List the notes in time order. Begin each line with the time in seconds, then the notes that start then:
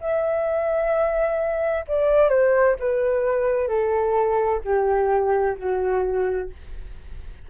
0.00 E5
1.87 D5
2.29 C5
2.79 B4
3.68 A4
4.64 G4
5.57 F#4